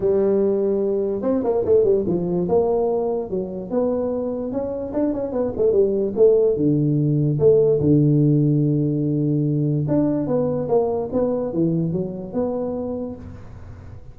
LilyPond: \new Staff \with { instrumentName = "tuba" } { \time 4/4 \tempo 4 = 146 g2. c'8 ais8 | a8 g8 f4 ais2 | fis4 b2 cis'4 | d'8 cis'8 b8 a8 g4 a4 |
d2 a4 d4~ | d1 | d'4 b4 ais4 b4 | e4 fis4 b2 | }